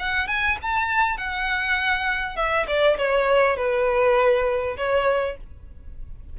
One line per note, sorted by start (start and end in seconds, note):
0.00 0.28 F#5
0.28 0.58 G#5
0.63 1.18 A5
1.18 2.36 F#5
2.36 2.66 E5
2.68 2.98 D5
2.98 3.57 C#5
3.57 4.77 B4
4.77 5.37 C#5